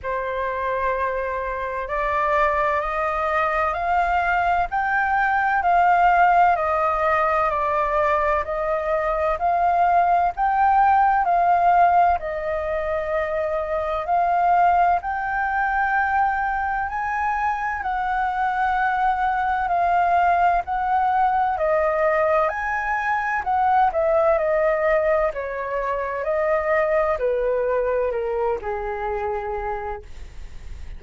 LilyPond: \new Staff \with { instrumentName = "flute" } { \time 4/4 \tempo 4 = 64 c''2 d''4 dis''4 | f''4 g''4 f''4 dis''4 | d''4 dis''4 f''4 g''4 | f''4 dis''2 f''4 |
g''2 gis''4 fis''4~ | fis''4 f''4 fis''4 dis''4 | gis''4 fis''8 e''8 dis''4 cis''4 | dis''4 b'4 ais'8 gis'4. | }